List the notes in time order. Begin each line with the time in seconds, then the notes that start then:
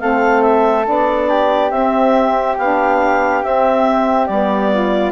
0.00 A3 C4 A4 F5
0.42 E5
0.84 B3 D4 D5
1.30 G4
1.71 C4 E5
2.58 B3 D4 F5
3.42 C4 E5
4.26 G3 B3 D5
4.74 F4